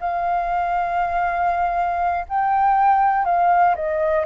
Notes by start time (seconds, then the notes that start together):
0.00 F5
2.28 G5
3.25 F5
3.75 D#5